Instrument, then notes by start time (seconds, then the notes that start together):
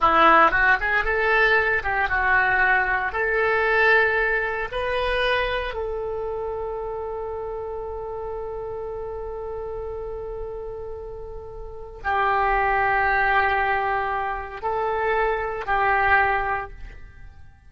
oboe
0.00 E4
0.51 F#4
0.80 G#4
1.04 A4
1.83 G4
2.08 F#4
3.12 A4
4.71 B4
5.74 A4
12.03 G4
14.62 A4
15.66 G4